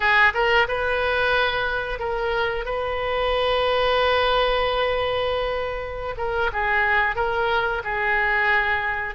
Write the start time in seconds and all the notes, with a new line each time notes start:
0.00 G#4
0.34 A#4
0.68 B4
1.99 A#4
2.65 B4
6.17 A#4
6.52 G#4
7.15 A#4
7.84 G#4